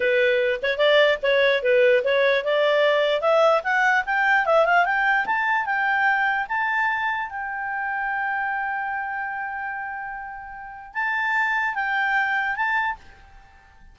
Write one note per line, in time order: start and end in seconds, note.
0.00 0.60 B4
0.62 0.77 C#5
0.77 1.18 D5
1.22 1.62 C#5
1.62 2.03 B4
2.04 2.44 C#5
2.44 3.21 D5
3.21 3.62 E5
3.63 4.04 F#5
4.05 4.45 G5
4.45 4.65 E5
4.65 4.85 F5
4.85 5.25 G5
5.26 5.65 A5
5.65 6.46 G5
6.48 7.29 A5
7.29 10.94 G5
10.94 11.75 A5
11.75 12.55 G5
12.55 12.96 A5